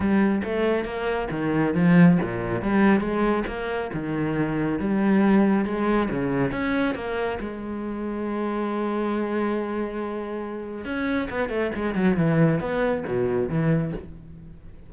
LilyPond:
\new Staff \with { instrumentName = "cello" } { \time 4/4 \tempo 4 = 138 g4 a4 ais4 dis4 | f4 ais,4 g4 gis4 | ais4 dis2 g4~ | g4 gis4 cis4 cis'4 |
ais4 gis2.~ | gis1~ | gis4 cis'4 b8 a8 gis8 fis8 | e4 b4 b,4 e4 | }